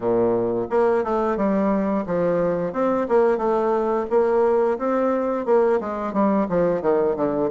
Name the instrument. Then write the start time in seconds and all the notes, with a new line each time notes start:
bassoon
0.00 A#2
0.70 A#3
1.04 A3
1.36 G3
2.06 F3
2.73 C4
3.08 A#3
3.37 A3
4.09 A#3
4.78 C4
5.45 A#3
5.80 G#3
6.13 G3
6.48 F3
6.82 D#3
7.16 D3